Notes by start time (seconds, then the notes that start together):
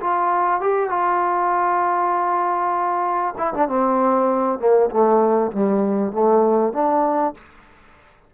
0.00 F4
0.61 G4
0.90 F4
3.38 E4
3.54 D4
3.68 C4
4.59 A#3
4.90 A3
5.52 G3
6.12 A3
6.73 D4